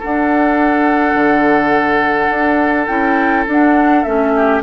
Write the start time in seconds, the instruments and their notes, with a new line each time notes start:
0.00 clarinet D4, bassoon D4, oboe A4, flute F#5
1.15 bassoon D3
2.30 bassoon D4
2.87 bassoon C#4, clarinet E4, flute G5
3.47 bassoon D4, clarinet D4, flute F#5
4.03 bassoon A3, clarinet C#4, flute E5
4.36 oboe G4